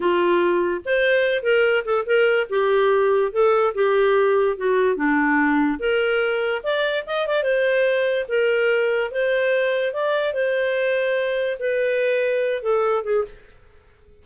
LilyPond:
\new Staff \with { instrumentName = "clarinet" } { \time 4/4 \tempo 4 = 145 f'2 c''4. ais'8~ | ais'8 a'8 ais'4 g'2 | a'4 g'2 fis'4 | d'2 ais'2 |
d''4 dis''8 d''8 c''2 | ais'2 c''2 | d''4 c''2. | b'2~ b'8 a'4 gis'8 | }